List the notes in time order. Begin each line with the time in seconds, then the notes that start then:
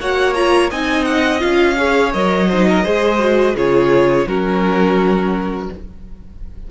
0.00 A#3 F#4 C#5 F#5
0.34 F4 A#5
0.71 C4 D#4 D#5 G#5
1.05 F#5
1.40 C#4 F4 F5
1.78 G#4 C#5
2.13 F#3 A#4 D#5
2.49 D#4 C5
2.69 A#4
2.84 G#3 G#4 C5
3.20 F#4
3.56 C#3 F4 G#4 C#5
4.26 F#3 C#4 F#4 A#4